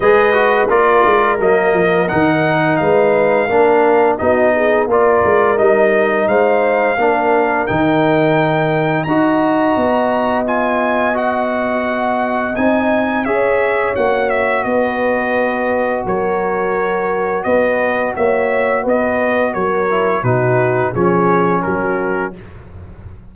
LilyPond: <<
  \new Staff \with { instrumentName = "trumpet" } { \time 4/4 \tempo 4 = 86 dis''4 d''4 dis''4 fis''4 | f''2 dis''4 d''4 | dis''4 f''2 g''4~ | g''4 ais''2 gis''4 |
fis''2 gis''4 e''4 | fis''8 e''8 dis''2 cis''4~ | cis''4 dis''4 e''4 dis''4 | cis''4 b'4 cis''4 ais'4 | }
  \new Staff \with { instrumentName = "horn" } { \time 4/4 b'4 ais'2. | b'4 ais'4 fis'8 gis'8 ais'4~ | ais'4 c''4 ais'2~ | ais'4 dis''2.~ |
dis''2. cis''4~ | cis''4 b'2 ais'4~ | ais'4 b'4 cis''4 b'4 | ais'4 fis'4 gis'4 fis'4 | }
  \new Staff \with { instrumentName = "trombone" } { \time 4/4 gis'8 fis'8 f'4 ais4 dis'4~ | dis'4 d'4 dis'4 f'4 | dis'2 d'4 dis'4~ | dis'4 fis'2 f'4 |
fis'2 dis'4 gis'4 | fis'1~ | fis'1~ | fis'8 e'8 dis'4 cis'2 | }
  \new Staff \with { instrumentName = "tuba" } { \time 4/4 gis4 ais8 gis8 fis8 f8 dis4 | gis4 ais4 b4 ais8 gis8 | g4 gis4 ais4 dis4~ | dis4 dis'4 b2~ |
b2 c'4 cis'4 | ais4 b2 fis4~ | fis4 b4 ais4 b4 | fis4 b,4 f4 fis4 | }
>>